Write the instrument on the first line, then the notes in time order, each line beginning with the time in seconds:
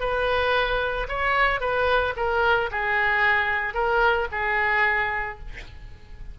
oboe
0.00 B4
1.09 C#5
1.60 B4
2.16 A#4
2.71 G#4
3.74 A#4
4.31 G#4